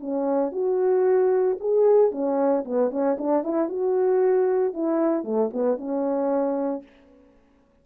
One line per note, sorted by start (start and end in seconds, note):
0.00 0.52 C#4
0.52 1.57 F#4
1.60 2.11 G#4
2.11 2.64 C#4
2.65 2.90 B3
2.90 3.17 C#4
3.18 3.44 D4
3.44 3.69 E4
3.69 4.73 F#4
4.73 5.24 E4
5.24 5.50 A3
5.53 5.78 B3
5.78 6.83 C#4